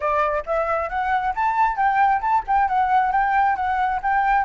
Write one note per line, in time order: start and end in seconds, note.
0.00 0.43 D5
0.46 0.89 E5
0.89 1.33 F#5
1.35 1.76 A5
1.76 2.20 G5
2.21 2.43 A5
2.47 2.68 G5
2.68 3.12 F#5
3.12 3.56 G5
3.56 4.00 F#5
4.02 4.44 G5